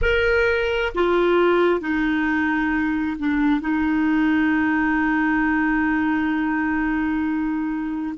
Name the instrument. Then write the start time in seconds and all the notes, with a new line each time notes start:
clarinet
0.01 A#4
0.95 F4
1.80 D#4
3.18 D4
3.60 D#4